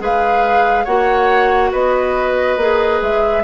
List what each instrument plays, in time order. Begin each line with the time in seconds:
0.00 bassoon G#3, clarinet G#4, oboe B4, flute F5
0.85 bassoon A#3, clarinet F#4, oboe C#5, flute F#5
1.71 bassoon B3, oboe B4, flute D#5
2.57 bassoon A#3, clarinet G#4
3.02 bassoon G#3, flute E5